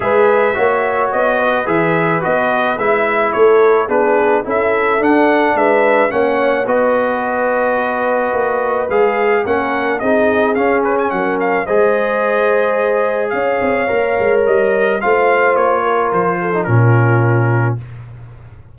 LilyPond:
<<
  \new Staff \with { instrumentName = "trumpet" } { \time 4/4 \tempo 4 = 108 e''2 dis''4 e''4 | dis''4 e''4 cis''4 b'4 | e''4 fis''4 e''4 fis''4 | dis''1 |
f''4 fis''4 dis''4 f''8 b'16 gis''16 | fis''8 f''8 dis''2. | f''2 dis''4 f''4 | cis''4 c''4 ais'2 | }
  \new Staff \with { instrumentName = "horn" } { \time 4/4 b'4 cis''4. b'4.~ | b'2 a'4 gis'4 | a'2 b'4 cis''4 | b'1~ |
b'4 ais'4 gis'2 | ais'4 c''2. | cis''2. c''4~ | c''8 ais'4 a'8 f'2 | }
  \new Staff \with { instrumentName = "trombone" } { \time 4/4 gis'4 fis'2 gis'4 | fis'4 e'2 d'4 | e'4 d'2 cis'4 | fis'1 |
gis'4 cis'4 dis'4 cis'4~ | cis'4 gis'2.~ | gis'4 ais'2 f'4~ | f'4.~ f'16 dis'16 cis'2 | }
  \new Staff \with { instrumentName = "tuba" } { \time 4/4 gis4 ais4 b4 e4 | b4 gis4 a4 b4 | cis'4 d'4 gis4 ais4 | b2. ais4 |
gis4 ais4 c'4 cis'4 | fis4 gis2. | cis'8 c'8 ais8 gis8 g4 a4 | ais4 f4 ais,2 | }
>>